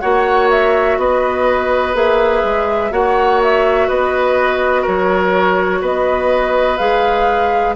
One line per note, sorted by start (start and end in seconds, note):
0.00 0.98 A#3
0.00 1.93 F#4
0.00 0.97 C#5
0.00 0.48 F#5
0.50 0.98 E5
0.98 1.94 B3
0.98 2.91 B4
0.98 1.95 D#5
1.93 2.43 A#3
1.93 2.90 G#4
1.93 2.92 E5
2.44 2.91 G#3
2.90 3.88 A#3
2.90 6.77 F#4
2.90 3.87 C#5
2.90 3.41 F#5
3.43 3.88 E5
3.87 4.86 B3
3.87 4.82 B4
3.87 4.85 D#5
4.82 5.81 F#3
4.82 5.78 A#4
4.82 5.83 C#5
5.81 6.78 B3
5.81 7.75 B4
5.81 6.77 D#5
6.77 7.75 G#3
6.77 7.75 G#4
6.77 7.74 F5